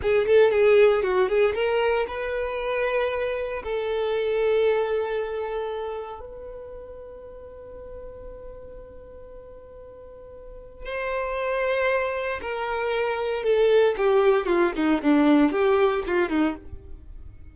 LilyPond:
\new Staff \with { instrumentName = "violin" } { \time 4/4 \tempo 4 = 116 gis'8 a'8 gis'4 fis'8 gis'8 ais'4 | b'2. a'4~ | a'1 | b'1~ |
b'1~ | b'4 c''2. | ais'2 a'4 g'4 | f'8 dis'8 d'4 g'4 f'8 dis'8 | }